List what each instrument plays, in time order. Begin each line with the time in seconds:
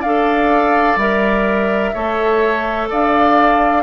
0.00 bassoon D4, clarinet A4, oboe D5, flute F5
0.96 bassoon G3, clarinet A#4, flute E5
1.94 bassoon A3, clarinet A4, oboe C#5
2.90 bassoon D4, oboe D5, flute F5